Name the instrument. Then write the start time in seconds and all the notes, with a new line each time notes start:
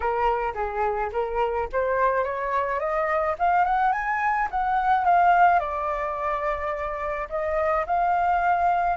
flute
0.00 A#4
0.54 G#4
1.12 A#4
1.72 C5
2.24 C#5
2.79 D#5
3.38 F5
3.64 F#5
3.92 G#5
4.51 F#5
5.04 F5
5.59 D5
7.29 D#5
7.86 F5